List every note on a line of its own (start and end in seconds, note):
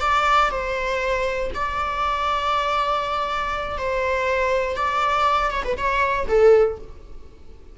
0.00 0.50 D5
0.51 1.51 C5
1.54 3.77 D5
3.77 4.76 C5
4.76 5.51 D5
5.51 5.63 C#5
5.64 5.77 B4
5.77 6.27 C#5
6.28 6.78 A4